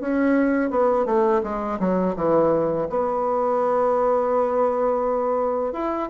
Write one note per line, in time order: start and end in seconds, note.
0.00 0.70 C#4
0.70 1.06 B3
1.06 1.41 A3
1.43 1.79 G#3
1.80 2.15 F#3
2.16 2.87 E3
2.89 5.73 B3
5.73 6.08 E4